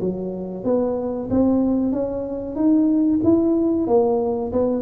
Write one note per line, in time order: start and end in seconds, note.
0.00 0.64 F#3
0.64 1.28 B3
1.30 1.92 C4
1.92 2.55 C#4
2.55 3.20 D#4
3.23 3.87 E4
3.87 4.51 A#3
4.52 4.82 B3